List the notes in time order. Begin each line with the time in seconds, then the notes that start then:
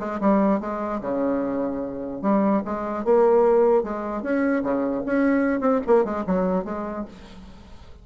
0.00 G#3
0.21 G3
0.61 G#3
1.02 C#3
2.22 G3
2.65 G#3
3.05 A#3
3.84 G#3
4.23 C#4
4.64 C#3
5.06 C#4
5.61 C4
5.88 A#3
6.05 G#3
6.27 F#3
6.65 G#3